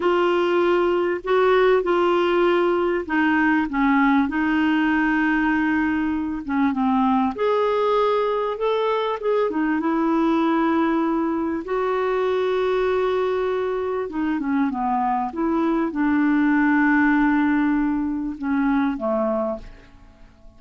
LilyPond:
\new Staff \with { instrumentName = "clarinet" } { \time 4/4 \tempo 4 = 98 f'2 fis'4 f'4~ | f'4 dis'4 cis'4 dis'4~ | dis'2~ dis'8 cis'8 c'4 | gis'2 a'4 gis'8 dis'8 |
e'2. fis'4~ | fis'2. dis'8 cis'8 | b4 e'4 d'2~ | d'2 cis'4 a4 | }